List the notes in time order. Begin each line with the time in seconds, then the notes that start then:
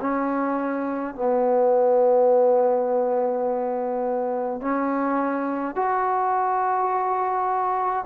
0.00 C#4
1.14 B3
4.60 C#4
5.75 F#4